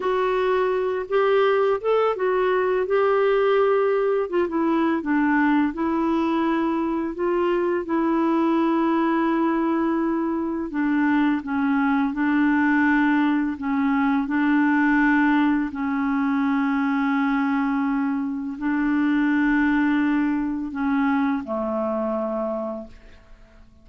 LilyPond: \new Staff \with { instrumentName = "clarinet" } { \time 4/4 \tempo 4 = 84 fis'4. g'4 a'8 fis'4 | g'2 f'16 e'8. d'4 | e'2 f'4 e'4~ | e'2. d'4 |
cis'4 d'2 cis'4 | d'2 cis'2~ | cis'2 d'2~ | d'4 cis'4 a2 | }